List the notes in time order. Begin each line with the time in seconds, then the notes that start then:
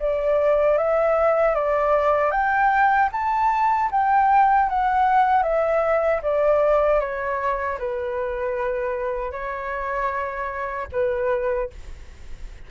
0.00 D5
0.78 E5
1.55 D5
2.31 G5
3.12 A5
3.91 G5
4.70 F#5
5.43 E5
6.23 D5
7.00 C#5
7.79 B4
9.32 C#5
10.92 B4